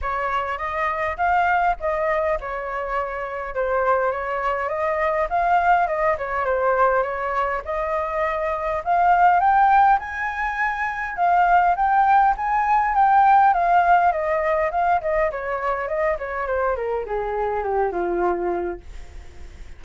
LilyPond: \new Staff \with { instrumentName = "flute" } { \time 4/4 \tempo 4 = 102 cis''4 dis''4 f''4 dis''4 | cis''2 c''4 cis''4 | dis''4 f''4 dis''8 cis''8 c''4 | cis''4 dis''2 f''4 |
g''4 gis''2 f''4 | g''4 gis''4 g''4 f''4 | dis''4 f''8 dis''8 cis''4 dis''8 cis''8 | c''8 ais'8 gis'4 g'8 f'4. | }